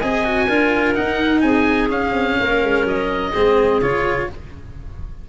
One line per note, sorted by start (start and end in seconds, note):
0.00 0.49 C4
0.00 0.25 G#4
0.00 0.47 D#5
0.00 0.95 G#5
0.25 0.49 F#4
0.47 0.97 D4
0.47 0.95 F4
0.47 1.42 A#4
0.95 1.89 D#4
0.95 1.43 D#4
0.95 1.41 F#5
1.41 1.90 C4
1.41 2.40 G#4
1.41 1.89 G#5
1.89 3.32 C#4
1.89 2.13 C#4
1.89 2.86 F5
2.13 2.37 C4
2.39 2.63 A#3
2.39 3.33 A#4
2.63 2.85 G#3
2.85 3.32 F#3
2.85 3.82 D#5
3.33 3.82 G#3
3.33 3.82 C4
3.33 4.28 G#4
3.82 4.29 C#3
3.82 4.29 F4
3.82 4.29 C#5